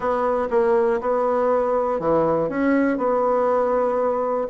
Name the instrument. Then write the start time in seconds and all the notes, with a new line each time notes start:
bassoon
0.00 B3
0.50 A#3
1.00 B3
1.99 E3
2.49 C#4
2.97 B3